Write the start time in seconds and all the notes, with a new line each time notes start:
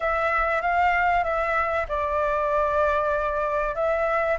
0.00 E5
0.61 F5
1.24 E5
1.88 D5
3.75 E5